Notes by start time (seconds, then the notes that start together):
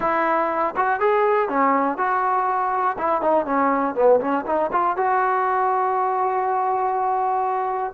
0.00 E4
0.76 F#4
1.00 G#4
1.49 C#4
1.97 F#4
2.98 E4
3.21 D#4
3.45 C#4
3.95 B3
4.20 C#4
4.46 D#4
4.72 F4
4.96 F#4